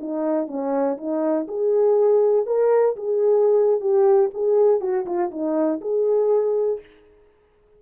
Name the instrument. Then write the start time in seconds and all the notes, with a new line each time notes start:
horn
0.00 D#4
0.47 C#4
0.97 D#4
1.48 G#4
2.46 A#4
2.96 G#4
3.80 G4
4.34 G#4
4.81 F#4
5.06 F4
5.31 D#4
5.81 G#4